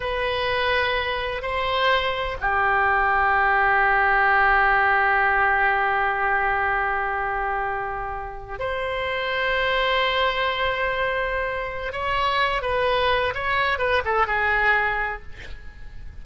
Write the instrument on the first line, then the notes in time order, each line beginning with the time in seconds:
oboe
0.00 B4
1.42 C5
2.40 G4
8.59 C5
11.92 C#5
12.62 B4
13.34 C#5
13.78 B4
14.04 A4
14.27 G#4